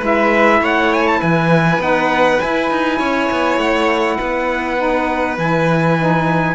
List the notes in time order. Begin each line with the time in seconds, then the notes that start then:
0.00 G#3 E4 B4 E5
0.61 A3 C#5 F#5
0.93 G#5
1.07 A5
1.20 E3 B4 G#5
1.78 B3 D#4 F#5
2.40 E4 G#5
2.70 D#4
2.98 C#4 C#5
3.31 B3
3.57 A3 F#5
4.17 B3 B4
4.77 D#4
5.38 E3 E4 G#5
5.98 D#4